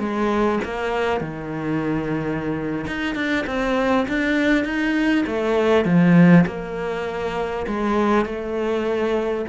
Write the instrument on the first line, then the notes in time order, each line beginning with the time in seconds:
cello
0.00 G#3
0.65 A#3
1.21 D#3
2.87 D#4
3.16 D4
3.47 C4
4.09 D4
4.65 D#4
5.27 A3
5.86 F3
6.47 A#3
7.67 G#3
8.26 A3